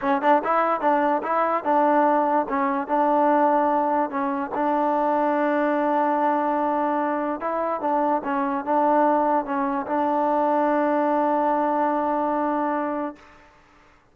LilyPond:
\new Staff \with { instrumentName = "trombone" } { \time 4/4 \tempo 4 = 146 cis'8 d'8 e'4 d'4 e'4 | d'2 cis'4 d'4~ | d'2 cis'4 d'4~ | d'1~ |
d'2 e'4 d'4 | cis'4 d'2 cis'4 | d'1~ | d'1 | }